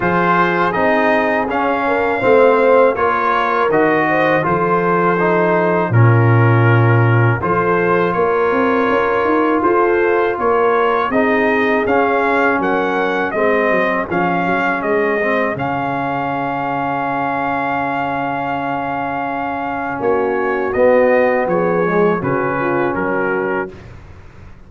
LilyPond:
<<
  \new Staff \with { instrumentName = "trumpet" } { \time 4/4 \tempo 4 = 81 c''4 dis''4 f''2 | cis''4 dis''4 c''2 | ais'2 c''4 cis''4~ | cis''4 c''4 cis''4 dis''4 |
f''4 fis''4 dis''4 f''4 | dis''4 f''2.~ | f''2. cis''4 | dis''4 cis''4 b'4 ais'4 | }
  \new Staff \with { instrumentName = "horn" } { \time 4/4 gis'2~ gis'8 ais'8 c''4 | ais'4. c''8 a'2 | f'2 a'4 ais'4~ | ais'4 a'4 ais'4 gis'4~ |
gis'4 ais'4 gis'2~ | gis'1~ | gis'2. fis'4~ | fis'4 gis'4 fis'8 f'8 fis'4 | }
  \new Staff \with { instrumentName = "trombone" } { \time 4/4 f'4 dis'4 cis'4 c'4 | f'4 fis'4 f'4 dis'4 | cis'2 f'2~ | f'2. dis'4 |
cis'2 c'4 cis'4~ | cis'8 c'8 cis'2.~ | cis'1 | b4. gis8 cis'2 | }
  \new Staff \with { instrumentName = "tuba" } { \time 4/4 f4 c'4 cis'4 a4 | ais4 dis4 f2 | ais,2 f4 ais8 c'8 | cis'8 dis'8 f'4 ais4 c'4 |
cis'4 fis4 gis8 fis8 f8 fis8 | gis4 cis2.~ | cis2. ais4 | b4 f4 cis4 fis4 | }
>>